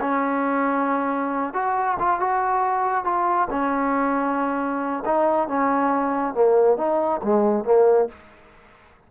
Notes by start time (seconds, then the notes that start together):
0.00 C#4
1.53 F#4
1.99 F4
2.19 F#4
3.04 F4
3.50 C#4
5.05 D#4
5.48 C#4
6.34 A#3
6.77 D#4
7.23 G#3
7.64 A#3